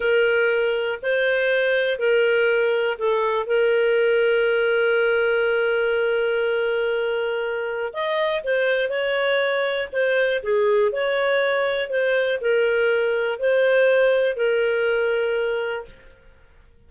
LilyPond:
\new Staff \with { instrumentName = "clarinet" } { \time 4/4 \tempo 4 = 121 ais'2 c''2 | ais'2 a'4 ais'4~ | ais'1~ | ais'1 |
dis''4 c''4 cis''2 | c''4 gis'4 cis''2 | c''4 ais'2 c''4~ | c''4 ais'2. | }